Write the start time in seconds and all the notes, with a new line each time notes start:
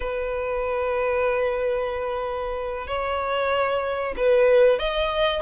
0.00 B4
2.87 C#5
4.16 B4
4.78 D#5